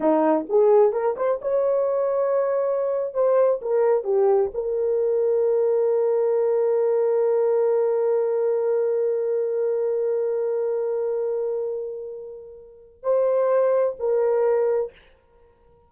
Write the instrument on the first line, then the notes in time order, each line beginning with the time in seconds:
horn
0.00 D#4
0.49 G#4
0.92 A#4
1.16 C5
1.41 C#5
3.14 C5
3.61 A#4
4.04 G4
4.54 A#4
13.02 C5
13.99 A#4